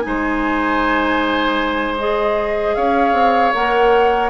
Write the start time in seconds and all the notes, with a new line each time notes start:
0.00 G#3 D#4 G#5
0.06 C5
1.98 G#4 D#5
2.75 C#4 C#5 F5
3.13 C4
3.54 A#3 A#4 F#5